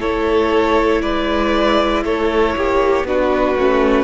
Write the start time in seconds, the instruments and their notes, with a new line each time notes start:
0.00 cello A3, viola E4, violin A4 C#5
1.02 cello G#3, violin B4 D5
2.05 cello A3, violin A4 C#5
2.56 cello A#3, violin G4
3.04 cello B3, viola D4, violin F#4 B4
3.56 cello A3, viola C#4